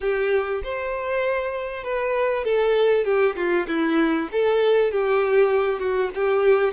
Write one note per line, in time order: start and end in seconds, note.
0.00 0.62 G4
0.63 1.83 C5
1.83 2.44 B4
2.44 3.04 A4
3.04 3.35 G4
3.36 3.66 F4
3.67 4.29 E4
4.32 4.91 A4
4.91 5.79 G4
5.79 6.10 F#4
6.14 6.72 G4